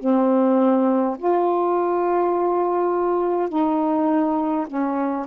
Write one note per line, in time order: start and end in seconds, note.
0.00 1.18 C4
1.19 3.50 F4
3.50 4.67 D#4
4.67 5.26 C#4